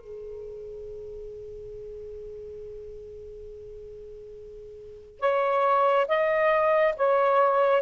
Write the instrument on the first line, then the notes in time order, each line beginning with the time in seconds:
saxophone
0.00 G#4
5.20 C#5
6.08 D#5
6.96 C#5